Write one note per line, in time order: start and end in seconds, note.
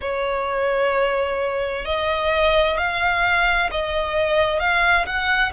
0.01 1.85 C#5
1.85 2.77 D#5
2.77 3.70 F5
3.71 4.59 D#5
4.59 5.05 F5
5.06 5.52 F#5